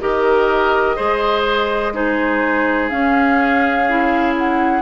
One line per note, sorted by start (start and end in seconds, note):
0.00 0.98 D#3
0.00 0.96 G4
0.00 0.96 A#4
0.00 1.94 D#5
0.96 2.91 G#3
0.96 1.93 G#4
0.96 1.93 C5
1.93 2.90 D#4
1.93 4.82 G#4
1.93 2.88 C5
2.88 3.86 C#4
2.88 4.82 C#4
2.88 4.33 F5
3.88 4.82 E4
4.37 4.82 F#5